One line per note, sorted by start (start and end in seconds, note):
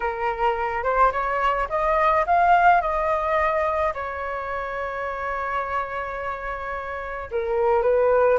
0.00 0.83 A#4
0.83 1.11 C5
1.12 1.68 C#5
1.69 2.25 D#5
2.26 2.81 F5
2.81 3.93 D#5
3.94 7.30 C#5
7.31 7.82 A#4
7.82 8.38 B4